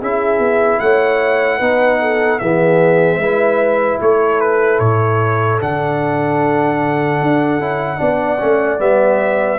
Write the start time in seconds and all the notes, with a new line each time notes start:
0.00 C#4 E4 G#4 E5
0.39 B3
0.80 A3 C#5 F#5
1.58 B3 D#4 B4
2.01 A4
2.39 E3 B3 G#4 E5
3.16 G#3 B4
3.23 E4
4.00 A3 A4 C#5
4.40 B4
4.79 A2 C#5
5.60 D3 D4 F#5
7.21 D4
7.59 C#4 E4
7.98 B3 D4 D5
8.39 A3 C#4
8.78 G3 B3 E5